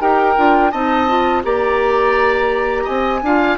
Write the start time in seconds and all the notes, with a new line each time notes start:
0.00 D#4 G4 A#4 G5
0.37 D4 F4
0.72 C4 D#4 D#5 A5
1.08 F4
1.44 A#3 G4 D5 A#5
2.84 C4 D#5 G#5
3.23 D4 F4 F5